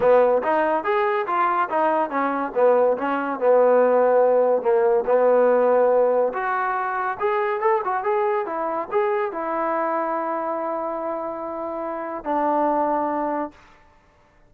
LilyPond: \new Staff \with { instrumentName = "trombone" } { \time 4/4 \tempo 4 = 142 b4 dis'4 gis'4 f'4 | dis'4 cis'4 b4 cis'4 | b2. ais4 | b2. fis'4~ |
fis'4 gis'4 a'8 fis'8 gis'4 | e'4 gis'4 e'2~ | e'1~ | e'4 d'2. | }